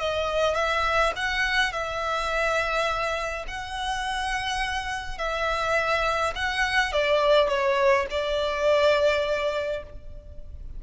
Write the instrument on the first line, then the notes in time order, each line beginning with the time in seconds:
violin
0.00 D#5
0.55 E5
1.17 F#5
1.73 E5
3.48 F#5
5.18 E5
6.36 F#5
6.93 D5
7.49 C#5
8.11 D5